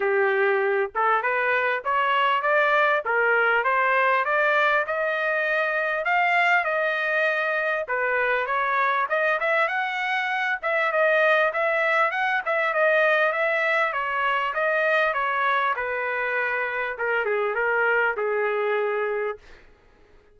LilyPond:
\new Staff \with { instrumentName = "trumpet" } { \time 4/4 \tempo 4 = 99 g'4. a'8 b'4 cis''4 | d''4 ais'4 c''4 d''4 | dis''2 f''4 dis''4~ | dis''4 b'4 cis''4 dis''8 e''8 |
fis''4. e''8 dis''4 e''4 | fis''8 e''8 dis''4 e''4 cis''4 | dis''4 cis''4 b'2 | ais'8 gis'8 ais'4 gis'2 | }